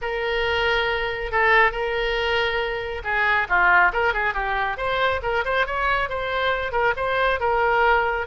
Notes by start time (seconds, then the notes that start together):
0.01 A#4
1.31 A4
1.71 A#4
3.04 G#4
3.48 F4
3.92 A#4
4.13 G#4
4.34 G4
4.77 C5
5.22 A#4
5.44 C5
5.66 C#5
6.09 C5
6.72 A#4
6.96 C5
7.40 A#4